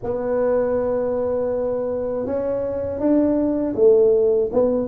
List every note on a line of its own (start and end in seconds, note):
0.03 2.25 B3
2.25 2.99 C#4
2.99 3.74 D4
3.75 4.50 A3
4.52 4.87 B3